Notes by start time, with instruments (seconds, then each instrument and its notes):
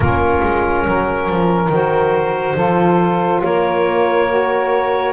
0.00 double bass A#3, saxophone C#4 F4, clarinet A#4
0.42 double bass G#3
0.86 double bass F#3, saxophone A#4
1.29 double bass F3
1.69 double bass D#3, saxophone F#4, clarinet C5
2.55 double bass F3, saxophone F4 A4
3.42 double bass A#3, saxophone A#4, clarinet C#5
4.29 saxophone F#4